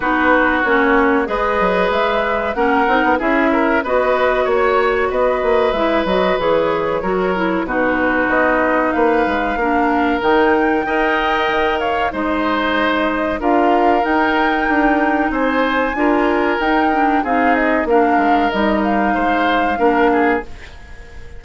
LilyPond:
<<
  \new Staff \with { instrumentName = "flute" } { \time 4/4 \tempo 4 = 94 b'4 cis''4 dis''4 e''4 | fis''4 e''4 dis''4 cis''4 | dis''4 e''8 dis''8 cis''2 | b'4 dis''4 f''2 |
g''2~ g''8 f''8 dis''4~ | dis''4 f''4 g''2 | gis''2 g''4 f''8 dis''8 | f''4 dis''8 f''2~ f''8 | }
  \new Staff \with { instrumentName = "oboe" } { \time 4/4 fis'2 b'2 | ais'4 gis'8 ais'8 b'4 cis''4 | b'2. ais'4 | fis'2 b'4 ais'4~ |
ais'4 dis''4. cis''8 c''4~ | c''4 ais'2. | c''4 ais'2 gis'4 | ais'2 c''4 ais'8 gis'8 | }
  \new Staff \with { instrumentName = "clarinet" } { \time 4/4 dis'4 cis'4 gis'2 | cis'8 dis'8 e'4 fis'2~ | fis'4 e'8 fis'8 gis'4 fis'8 e'8 | dis'2. d'4 |
dis'4 ais'2 dis'4~ | dis'4 f'4 dis'2~ | dis'4 f'4 dis'8 d'8 dis'4 | d'4 dis'2 d'4 | }
  \new Staff \with { instrumentName = "bassoon" } { \time 4/4 b4 ais4 gis8 fis8 gis4 | ais8 c'16 b16 cis'4 b4 ais4 | b8 ais8 gis8 fis8 e4 fis4 | b,4 b4 ais8 gis8 ais4 |
dis4 dis'4 dis4 gis4~ | gis4 d'4 dis'4 d'4 | c'4 d'4 dis'4 c'4 | ais8 gis8 g4 gis4 ais4 | }
>>